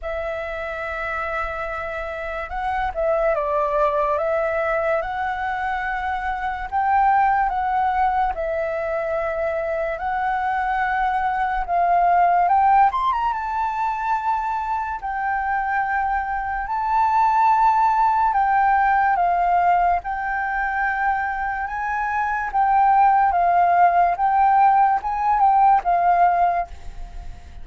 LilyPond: \new Staff \with { instrumentName = "flute" } { \time 4/4 \tempo 4 = 72 e''2. fis''8 e''8 | d''4 e''4 fis''2 | g''4 fis''4 e''2 | fis''2 f''4 g''8 c'''16 ais''16 |
a''2 g''2 | a''2 g''4 f''4 | g''2 gis''4 g''4 | f''4 g''4 gis''8 g''8 f''4 | }